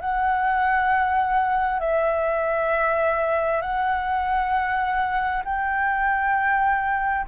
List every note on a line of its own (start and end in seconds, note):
0.00 1.79 F#5
1.79 3.61 E5
3.61 5.43 F#5
5.44 7.26 G5